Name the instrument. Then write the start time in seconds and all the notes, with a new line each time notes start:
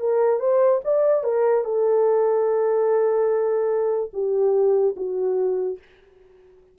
horn
0.00 A#4
0.40 C5
0.84 D5
1.24 A#4
1.64 A4
4.14 G4
4.97 F#4